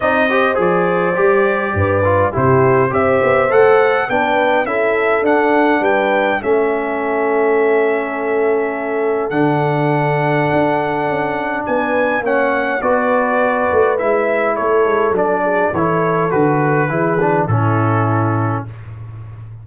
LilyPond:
<<
  \new Staff \with { instrumentName = "trumpet" } { \time 4/4 \tempo 4 = 103 dis''4 d''2. | c''4 e''4 fis''4 g''4 | e''4 fis''4 g''4 e''4~ | e''1 |
fis''1 | gis''4 fis''4 d''2 | e''4 cis''4 d''4 cis''4 | b'2 a'2 | }
  \new Staff \with { instrumentName = "horn" } { \time 4/4 d''8 c''2~ c''8 b'4 | g'4 c''2 b'4 | a'2 b'4 a'4~ | a'1~ |
a'1 | b'4 cis''4 b'2~ | b'4 a'4. gis'8 a'4~ | a'4 gis'4 e'2 | }
  \new Staff \with { instrumentName = "trombone" } { \time 4/4 dis'8 g'8 gis'4 g'4. f'8 | e'4 g'4 a'4 d'4 | e'4 d'2 cis'4~ | cis'1 |
d'1~ | d'4 cis'4 fis'2 | e'2 d'4 e'4 | fis'4 e'8 d'8 cis'2 | }
  \new Staff \with { instrumentName = "tuba" } { \time 4/4 c'4 f4 g4 g,4 | c4 c'8 b8 a4 b4 | cis'4 d'4 g4 a4~ | a1 |
d2 d'4 cis'4 | b4 ais4 b4. a8 | gis4 a8 gis8 fis4 e4 | d4 e4 a,2 | }
>>